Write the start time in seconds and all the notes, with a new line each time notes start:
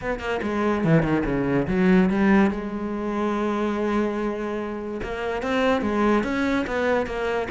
0.01 B3
0.19 A#3
0.42 G#3
0.84 E3
1.02 D#3
1.25 C#3
1.67 F#3
2.09 G3
2.50 G#3
5.02 A#3
5.42 C4
5.81 G#3
6.23 C#4
6.66 B3
7.06 A#3